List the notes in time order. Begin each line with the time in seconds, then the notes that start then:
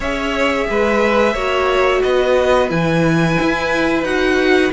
0.00 C#4 G#4 C#5 E5
0.69 G#3 B4
1.33 A#3 F#4 C#5
2.02 B3 B4 D#5
2.69 E3 E4 G#5
3.41 E4
4.02 D#4 F#4 F#5